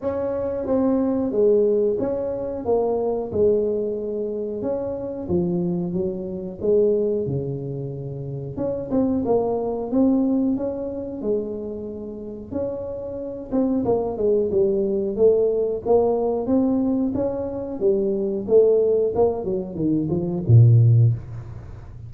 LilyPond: \new Staff \with { instrumentName = "tuba" } { \time 4/4 \tempo 4 = 91 cis'4 c'4 gis4 cis'4 | ais4 gis2 cis'4 | f4 fis4 gis4 cis4~ | cis4 cis'8 c'8 ais4 c'4 |
cis'4 gis2 cis'4~ | cis'8 c'8 ais8 gis8 g4 a4 | ais4 c'4 cis'4 g4 | a4 ais8 fis8 dis8 f8 ais,4 | }